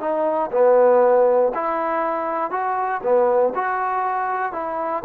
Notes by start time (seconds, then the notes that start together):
0.00 D#4
0.52 B3
1.54 E4
2.51 F#4
3.03 B3
3.55 F#4
4.53 E4